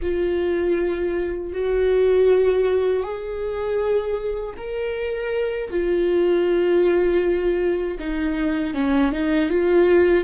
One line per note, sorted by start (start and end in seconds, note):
0.02 1.52 F4
1.52 3.03 F#4
3.03 4.55 G#4
4.57 5.70 A#4
5.70 7.98 F4
7.99 8.74 D#4
8.74 9.12 C#4
9.12 9.49 D#4
9.49 10.24 F4